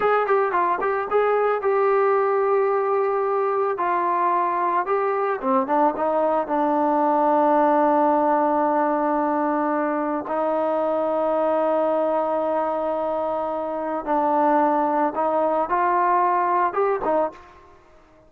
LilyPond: \new Staff \with { instrumentName = "trombone" } { \time 4/4 \tempo 4 = 111 gis'8 g'8 f'8 g'8 gis'4 g'4~ | g'2. f'4~ | f'4 g'4 c'8 d'8 dis'4 | d'1~ |
d'2. dis'4~ | dis'1~ | dis'2 d'2 | dis'4 f'2 g'8 dis'8 | }